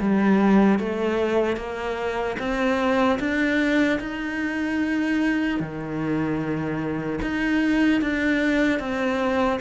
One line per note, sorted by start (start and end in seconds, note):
0.00 0.79 G3
0.79 1.57 A3
1.57 2.37 A#3
2.39 3.19 C4
3.20 4.00 D4
4.00 5.60 D#4
5.60 7.20 D#3
7.22 8.01 D#4
8.01 8.80 D4
8.80 9.60 C4